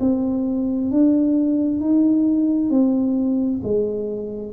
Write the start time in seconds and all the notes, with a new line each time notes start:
0.00 C4
0.90 D4
1.81 D#4
2.70 C4
3.63 G#3